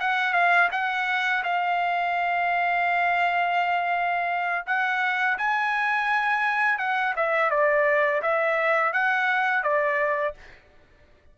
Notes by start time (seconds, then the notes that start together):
0.00 F#5
0.33 F5
0.72 F#5
1.44 F5
4.66 F#5
5.38 G#5
6.78 F#5
7.16 E5
7.50 D5
8.22 E5
8.93 F#5
9.63 D5